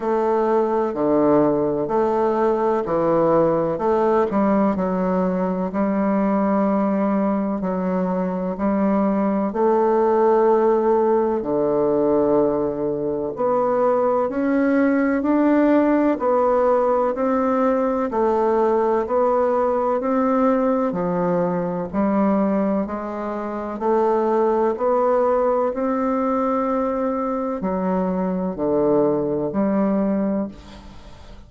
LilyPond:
\new Staff \with { instrumentName = "bassoon" } { \time 4/4 \tempo 4 = 63 a4 d4 a4 e4 | a8 g8 fis4 g2 | fis4 g4 a2 | d2 b4 cis'4 |
d'4 b4 c'4 a4 | b4 c'4 f4 g4 | gis4 a4 b4 c'4~ | c'4 fis4 d4 g4 | }